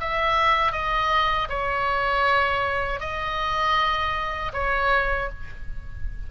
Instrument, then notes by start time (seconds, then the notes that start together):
oboe
0.00 E5
0.72 D#5
1.49 C#5
3.00 D#5
4.53 C#5